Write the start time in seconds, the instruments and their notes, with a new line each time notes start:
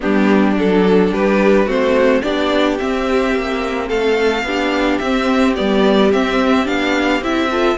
0.00 cello G3, viola B3, violin D4 G4
0.56 cello F#3, viola D4, violin A4
1.11 cello G3, violin G4 B4
1.65 cello A3, viola C4, violin F#4 C5
2.22 cello B3, viola D4, violin G4 D5
2.78 viola C4, cello C4, violin E5
3.35 cello A#3
3.88 cello A3, violin A4 F5
4.43 cello B3, viola D4, violin G4
4.98 cello C4, viola C4, violin E5
5.55 cello G3, viola B3, violin D5
6.12 viola C4, cello C4, violin E5
6.65 cello B3, viola D4, violin F5
7.20 cello C4, viola E4, violin E5
7.49 viola F4, violin A4